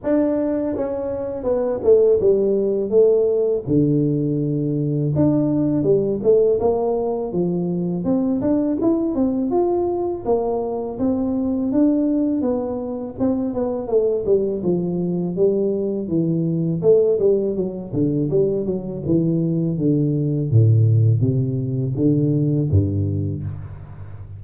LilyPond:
\new Staff \with { instrumentName = "tuba" } { \time 4/4 \tempo 4 = 82 d'4 cis'4 b8 a8 g4 | a4 d2 d'4 | g8 a8 ais4 f4 c'8 d'8 | e'8 c'8 f'4 ais4 c'4 |
d'4 b4 c'8 b8 a8 g8 | f4 g4 e4 a8 g8 | fis8 d8 g8 fis8 e4 d4 | a,4 c4 d4 g,4 | }